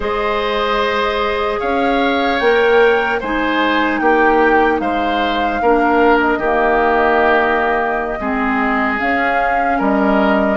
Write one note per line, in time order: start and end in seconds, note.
0.00 1.58 G#3
0.00 2.39 G#4
0.00 1.59 C5
0.00 1.60 D#5
1.59 2.40 C#4
1.59 3.19 C#5
1.59 2.39 F5
2.39 3.20 A#3
2.39 3.21 A#4
2.39 3.19 G5
3.20 4.00 G#3
3.20 5.62 D#4
3.20 4.00 C5
3.20 3.99 G#5
3.99 4.80 A#3
3.99 4.81 G4
3.99 4.79 G5
4.79 5.60 G#3
4.79 5.61 C5
4.79 6.19 F5
5.61 6.38 A#3
5.61 6.41 D4
5.61 6.39 A#4
6.20 8.99 D#5
6.38 8.18 D#3
6.38 8.20 A#3
6.38 8.19 G4
8.20 9.00 G#3
8.20 8.98 C4
8.20 9.78 G#4
8.98 10.56 C#4
8.98 9.80 C#4
8.98 9.79 F5
9.78 10.56 G3
9.78 10.56 A#4
9.78 10.56 D#5